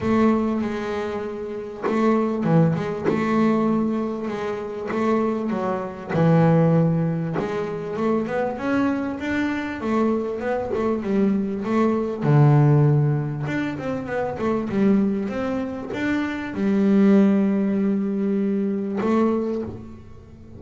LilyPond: \new Staff \with { instrumentName = "double bass" } { \time 4/4 \tempo 4 = 98 a4 gis2 a4 | e8 gis8 a2 gis4 | a4 fis4 e2 | gis4 a8 b8 cis'4 d'4 |
a4 b8 a8 g4 a4 | d2 d'8 c'8 b8 a8 | g4 c'4 d'4 g4~ | g2. a4 | }